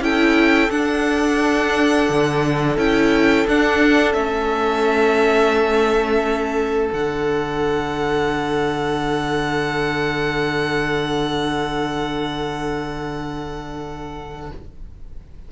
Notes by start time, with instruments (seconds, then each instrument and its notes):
0.00 cello C#4, viola E4, violin A4 G5
0.70 cello D4, viola D4, violin F#5
2.09 cello D3
2.77 cello C#4, viola E4, violin G5
3.47 cello D4, viola D4, violin F#5
4.13 cello A3, viola C#4, violin E5
6.92 cello D3, viola D4, violin F#5